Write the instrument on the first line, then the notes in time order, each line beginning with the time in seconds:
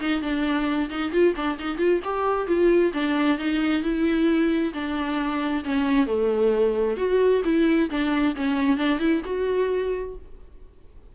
viola
0.00 D#4
0.22 D4
0.90 D#4
1.12 F4
1.36 D4
1.59 D#4
1.78 F4
2.04 G4
2.47 F4
2.93 D4
3.38 D#4
3.82 E4
4.73 D4
5.65 C#4
6.07 A3
6.97 F#4
7.45 E4
7.90 D4
8.36 C#4
8.77 D4
8.99 E4
9.25 F#4